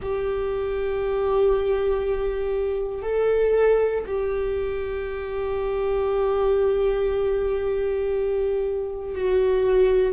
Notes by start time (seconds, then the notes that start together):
0.02 G4
3.02 A4
4.06 G4
9.14 F#4